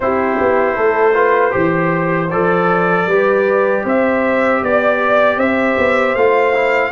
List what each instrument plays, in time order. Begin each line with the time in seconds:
0.00 tuba C4, trombone E4, horn G4, trumpet C5
0.40 tuba B3
0.75 tuba A3, horn A4
1.13 trombone F4, horn B4
1.50 tuba E3, trombone G4, horn C5
2.30 tuba F3, trombone A4, trumpet D5
3.06 tuba G3, trombone G4, horn B4
3.84 tuba C4, horn C5, trumpet E5
4.62 tuba B3, horn D5, trumpet D5
5.37 tuba C4, horn C5, trumpet E5
5.77 tuba B3
6.15 tuba A3, trombone F4, trumpet F5
6.53 trombone E4